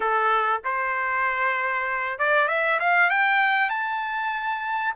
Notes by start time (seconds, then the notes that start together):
0.00 A4
0.64 C5
2.18 D5
2.48 E5
2.79 F5
3.09 G5
3.69 A5